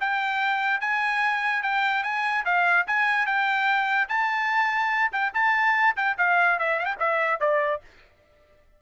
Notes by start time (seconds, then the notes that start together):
0.00 G5
0.80 G#5
1.62 G5
2.03 G#5
2.45 F5
2.87 G#5
3.26 G5
4.08 A5
5.12 G5
5.33 A5
5.96 G5
6.18 F5
6.58 E5
6.79 F5 G5
6.99 E5
7.40 D5